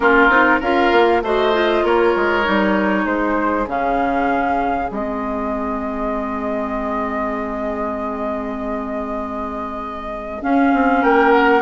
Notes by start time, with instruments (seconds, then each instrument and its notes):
0.00 bassoon A#3, clarinet C#4, oboe F4, flute A#4
0.29 bassoon C4, clarinet D#4
0.60 bassoon C#4, clarinet F4, oboe A#4, flute F5
0.92 bassoon A#3
1.22 bassoon A3, clarinet F#4, oboe C5, flute D#5
1.53 clarinet F4
1.83 bassoon A#3, oboe A#4, flute C#5
2.16 bassoon G#3
2.44 bassoon G3, clarinet D#4
3.03 bassoon G#3, oboe G#4, flute C5
3.66 bassoon C#3, clarinet C#4, flute F5
4.88 bassoon G#3, clarinet C4, flute D#5
10.41 clarinet C#4, bassoon C#4, flute F5
10.73 bassoon C4
11.01 bassoon A#3, oboe A#4, flute G5
11.32 flute F#5